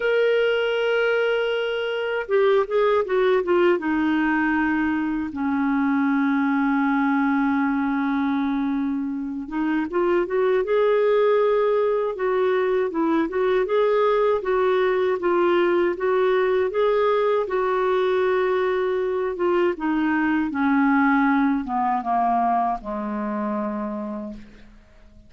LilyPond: \new Staff \with { instrumentName = "clarinet" } { \time 4/4 \tempo 4 = 79 ais'2. g'8 gis'8 | fis'8 f'8 dis'2 cis'4~ | cis'1~ | cis'8 dis'8 f'8 fis'8 gis'2 |
fis'4 e'8 fis'8 gis'4 fis'4 | f'4 fis'4 gis'4 fis'4~ | fis'4. f'8 dis'4 cis'4~ | cis'8 b8 ais4 gis2 | }